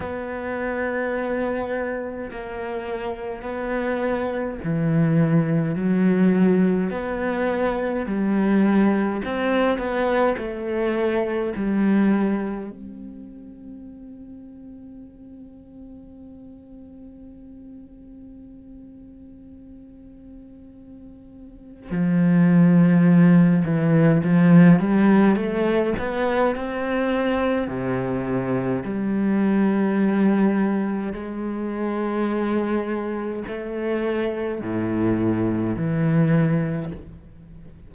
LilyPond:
\new Staff \with { instrumentName = "cello" } { \time 4/4 \tempo 4 = 52 b2 ais4 b4 | e4 fis4 b4 g4 | c'8 b8 a4 g4 c'4~ | c'1~ |
c'2. f4~ | f8 e8 f8 g8 a8 b8 c'4 | c4 g2 gis4~ | gis4 a4 a,4 e4 | }